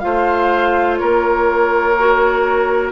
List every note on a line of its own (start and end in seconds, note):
0.00 1.01 A3
0.00 1.96 F4
0.00 1.00 C5
0.00 0.97 F5
0.97 2.93 A#3
0.97 2.93 A#4
0.97 2.91 C#5
1.99 2.93 F#4